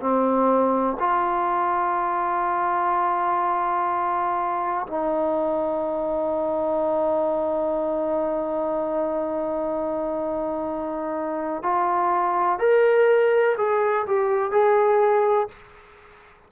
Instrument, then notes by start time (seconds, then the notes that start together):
trombone
0.00 C4
0.99 F4
4.87 D#4
11.63 F4
12.59 A#4
13.57 G#4
14.06 G4
14.52 G#4